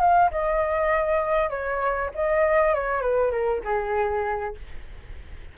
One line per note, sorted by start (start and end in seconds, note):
0.00 0.30 F5
0.31 1.50 D#5
1.50 2.10 C#5
2.14 2.74 D#5
2.74 3.01 C#5
3.01 3.31 B4
3.31 3.61 A#4
3.64 4.55 G#4